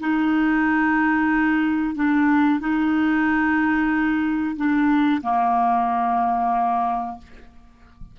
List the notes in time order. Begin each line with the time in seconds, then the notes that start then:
0.00 D#4
1.95 D4
2.60 D#4
4.56 D4
5.22 A#3